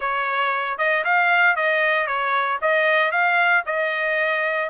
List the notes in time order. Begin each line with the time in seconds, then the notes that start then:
0.00 C#5
0.78 D#5
1.04 F5
1.55 D#5
2.06 C#5
2.61 D#5
3.11 F5
3.65 D#5